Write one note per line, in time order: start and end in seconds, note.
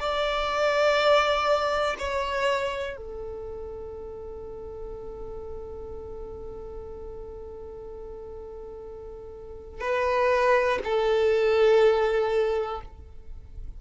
0.00 1.97 D5
1.99 2.97 C#5
2.97 9.81 A4
9.81 10.79 B4
10.85 12.81 A4